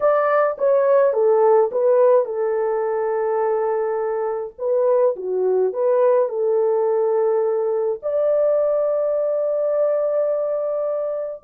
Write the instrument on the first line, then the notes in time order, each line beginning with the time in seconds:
horn
0.00 D5
0.58 C#5
1.13 A4
1.71 B4
2.25 A4
4.58 B4
5.16 F#4
5.73 B4
6.28 A4
8.02 D5